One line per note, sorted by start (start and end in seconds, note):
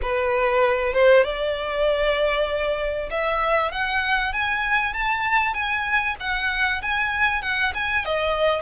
0.02 0.93 B4
0.93 1.24 C5
1.24 3.09 D5
3.10 3.71 E5
3.71 4.32 F#5
4.32 4.93 G#5
4.93 5.54 A5
5.54 6.15 G#5
6.19 6.81 F#5
6.82 7.41 G#5
7.41 7.72 F#5
7.74 8.05 G#5
8.05 8.61 D#5